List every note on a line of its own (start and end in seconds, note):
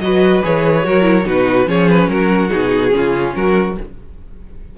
0.00 0.42 F#3
0.00 0.43 F#4
0.00 0.86 B4
0.00 0.42 D#5
0.43 0.85 E3
0.43 0.83 G#4
0.43 1.27 C#5
0.83 1.25 F#3
0.83 1.01 F#4
0.83 1.26 A#4
1.01 1.22 E4
1.25 1.66 B2
1.25 1.65 D#4
1.25 1.67 F#4
1.25 1.69 B4
1.65 2.08 F3
1.65 2.49 C#4
1.65 2.10 G#4
1.65 1.89 C#5
1.89 2.09 B4
2.09 2.50 F#3
2.09 2.94 F#4
2.09 2.49 A#4
2.49 2.93 B2
2.49 2.90 D#4
2.49 3.33 G#4
2.90 3.34 C#3
2.90 3.73 C#4
2.90 3.36 F4
3.35 3.77 F#3
3.35 3.78 F#4
3.35 3.77 A#4